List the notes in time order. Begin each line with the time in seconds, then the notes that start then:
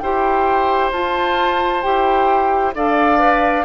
0.00 E4 G4 C5 G5
0.92 F4 A5
1.83 E4 G4 G5
2.75 D4 A4 D5 F5
3.19 B4